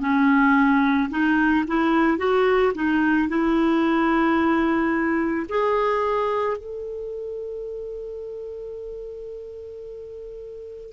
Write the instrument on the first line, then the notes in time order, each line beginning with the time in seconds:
clarinet
0.00 C#4
1.10 D#4
1.67 E4
2.18 F#4
2.75 D#4
3.28 E4
5.49 G#4
6.57 A4